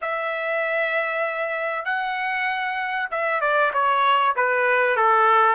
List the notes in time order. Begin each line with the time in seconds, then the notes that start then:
0.01 E5
1.85 F#5
3.10 E5
3.40 D5
3.73 C#5
4.36 B4
4.96 A4